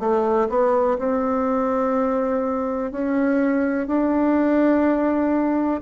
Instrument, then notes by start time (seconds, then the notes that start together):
bassoon
0.00 A3
0.50 B3
0.99 C4
2.92 C#4
3.88 D4